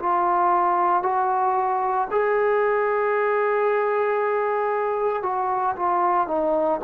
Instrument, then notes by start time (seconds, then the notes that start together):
trombone
0.00 F4
1.03 F#4
2.11 G#4
5.23 F#4
5.77 F4
6.28 D#4